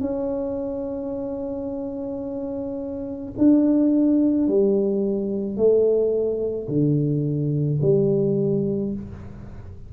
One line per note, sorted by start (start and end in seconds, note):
0.00 3.33 C#4
3.38 4.48 D4
4.48 5.57 G3
5.57 6.68 A3
6.68 7.79 D3
7.82 8.93 G3